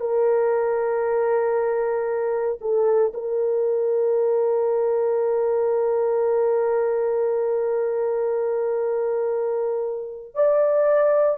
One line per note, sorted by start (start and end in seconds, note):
0.00 2.59 A#4
2.61 3.13 A4
3.14 10.34 A#4
10.34 11.38 D5